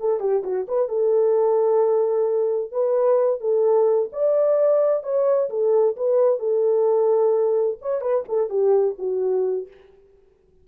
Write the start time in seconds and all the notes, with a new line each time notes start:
0.00 A4
0.20 G4
0.44 F#4
0.68 B4
0.89 A4
2.72 B4
3.40 A4
4.13 D5
5.03 C#5
5.50 A4
5.97 B4
6.39 A4
7.82 C#5
8.01 B4
8.29 A4
8.50 G4
8.98 F#4